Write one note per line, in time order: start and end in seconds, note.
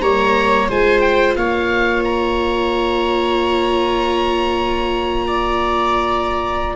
0.00 0.68 G3
0.00 0.69 A#3
0.00 0.68 C#5
0.00 0.67 A#5
0.68 1.35 G#3
0.68 6.75 F4
0.68 1.36 C5
0.68 1.00 G#5
1.00 1.34 G5
1.35 6.74 A#3
1.35 5.26 C#5
1.35 2.03 F5
2.04 6.75 A#5
5.26 6.75 D5